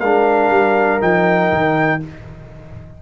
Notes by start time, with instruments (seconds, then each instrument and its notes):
0.00 tuba G#3, trombone D4, horn A#4, trumpet F5
0.50 tuba G3
1.00 tuba F3, trombone D#4, trumpet G5
1.52 tuba D#3